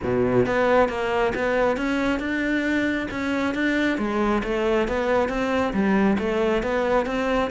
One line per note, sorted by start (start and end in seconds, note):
0.03 0.45 B2
0.45 0.88 B3
0.88 1.33 A#3
1.35 1.76 B3
1.76 2.19 C#4
2.19 3.07 D4
3.11 3.54 C#4
3.54 3.98 D4
3.98 4.42 G#3
4.43 4.87 A3
4.87 5.28 B3
5.28 5.73 C4
5.73 6.17 G3
6.18 6.63 A3
6.63 7.06 B3
7.06 7.50 C4